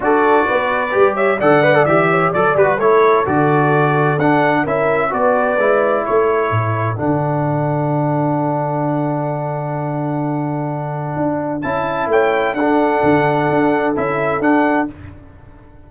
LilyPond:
<<
  \new Staff \with { instrumentName = "trumpet" } { \time 4/4 \tempo 4 = 129 d''2~ d''8 e''8 fis''4 | e''4 d''8 b'8 cis''4 d''4~ | d''4 fis''4 e''4 d''4~ | d''4 cis''2 fis''4~ |
fis''1~ | fis''1~ | fis''4 a''4 g''4 fis''4~ | fis''2 e''4 fis''4 | }
  \new Staff \with { instrumentName = "horn" } { \time 4/4 a'4 b'4. cis''8 d''4~ | d''8 cis''8 d''4 a'2~ | a'2 ais'4 b'4~ | b'4 a'2.~ |
a'1~ | a'1~ | a'2 cis''4 a'4~ | a'1 | }
  \new Staff \with { instrumentName = "trombone" } { \time 4/4 fis'2 g'4 a'8 b'16 a'16 | g'4 a'8 g'16 fis'16 e'4 fis'4~ | fis'4 d'4 e'4 fis'4 | e'2. d'4~ |
d'1~ | d'1~ | d'4 e'2 d'4~ | d'2 e'4 d'4 | }
  \new Staff \with { instrumentName = "tuba" } { \time 4/4 d'4 b4 g4 d4 | e4 fis8 g8 a4 d4~ | d4 d'4 cis'4 b4 | gis4 a4 a,4 d4~ |
d1~ | d1 | d'4 cis'4 a4 d'4 | d4 d'4 cis'4 d'4 | }
>>